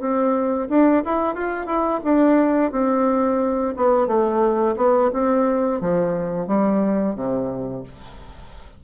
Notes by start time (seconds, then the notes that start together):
0.00 C4
0.69 D4
1.05 E4
1.35 F4
1.66 E4
2.04 D4
2.71 C4
3.77 B3
4.07 A3
4.76 B3
5.13 C4
5.80 F3
6.47 G3
7.15 C3